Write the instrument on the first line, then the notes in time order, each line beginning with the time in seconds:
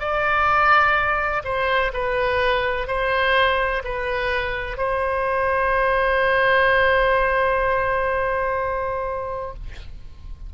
oboe
0.00 D5
1.45 C5
1.94 B4
2.87 C5
3.84 B4
4.77 C5